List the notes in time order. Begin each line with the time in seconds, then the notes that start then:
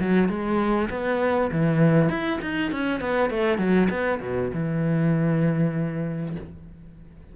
0.00 F#3
0.28 G#3
0.90 B3
1.51 E3
2.09 E4
2.42 D#4
2.71 C#4
3.00 B3
3.30 A3
3.58 F#3
3.90 B3
4.21 B2
4.53 E3